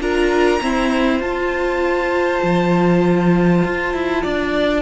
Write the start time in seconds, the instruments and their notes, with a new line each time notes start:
0.00 cello D4, viola F4, violin A#4 A#5
0.61 viola C4, cello E4, violin C5
1.20 cello F4, viola F4, violin A5
2.43 cello F3
3.65 cello F4
3.94 cello E4
4.23 cello D4, violin D5